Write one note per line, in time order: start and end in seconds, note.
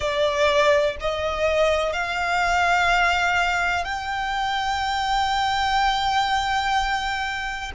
0.00 0.96 D5
1.00 1.93 D#5
1.93 3.84 F5
3.84 7.71 G5